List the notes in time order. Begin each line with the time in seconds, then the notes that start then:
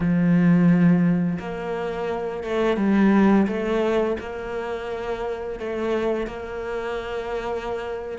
0.00 F3
1.39 A#3
2.43 A3
2.77 G3
3.47 A3
4.20 A#3
5.59 A3
6.26 A#3